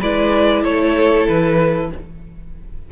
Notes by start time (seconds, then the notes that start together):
0.00 G#3 E4 B4 D5
0.64 A3 A4 C#5
1.28 E3 B4